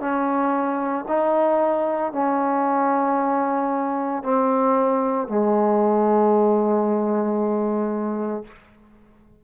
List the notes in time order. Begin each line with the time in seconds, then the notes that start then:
0.00 C#4
1.08 D#4
2.13 C#4
4.23 C4
5.28 G#3